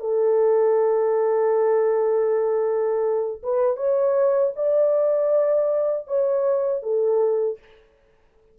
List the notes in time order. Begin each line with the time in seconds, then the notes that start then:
0.00 A4
3.43 B4
3.76 C#5
4.56 D5
6.08 C#5
6.83 A4